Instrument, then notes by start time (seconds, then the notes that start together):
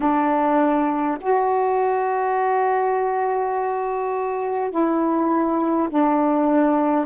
saxophone
0.00 D4
1.21 F#4
4.71 E4
5.89 D4